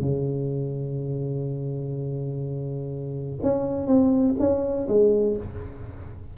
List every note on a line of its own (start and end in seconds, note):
0.00 3.39 C#3
3.42 3.87 C#4
3.87 4.35 C4
4.39 4.87 C#4
4.88 5.36 G#3